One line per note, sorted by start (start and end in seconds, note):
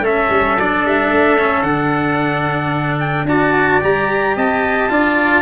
0.00 0.27 A3
0.00 0.58 C#4
0.00 3.28 A4
0.00 0.59 E5
0.30 0.57 G3
0.58 0.85 F#3
0.58 1.38 D4
0.58 0.86 D5
0.85 1.11 G3
0.85 1.62 E5
1.11 1.63 A3
1.38 1.65 C#4
1.62 3.24 D3
1.62 3.27 D4
1.62 2.97 F#5
2.99 3.26 G5
3.24 3.78 D4
3.24 3.81 F#4
3.24 4.35 D5
3.24 3.82 A5
3.81 4.36 G3
3.81 4.89 G4
3.81 4.37 A#5
4.35 4.90 C4
4.35 4.90 D#5
4.35 5.42 A5
4.89 5.42 D4
4.89 5.42 F4
4.89 5.42 D5